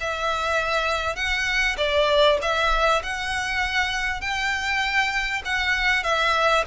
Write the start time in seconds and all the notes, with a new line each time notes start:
0.00 E5
1.15 F#5
1.77 D5
2.41 E5
3.03 F#5
4.21 G5
5.45 F#5
6.03 E5